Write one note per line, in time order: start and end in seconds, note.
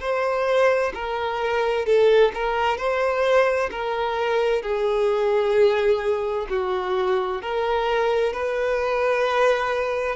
0.00 0.92 C5
0.94 1.85 A#4
1.85 2.32 A4
2.34 2.77 A#4
2.77 3.69 C5
3.70 4.62 A#4
4.62 6.47 G#4
6.49 7.41 F#4
7.41 8.33 A#4
8.33 10.15 B4